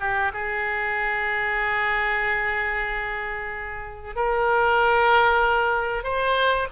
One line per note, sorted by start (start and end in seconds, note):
0.00 0.32 G4
0.33 4.15 G#4
4.15 6.04 A#4
6.04 6.68 C5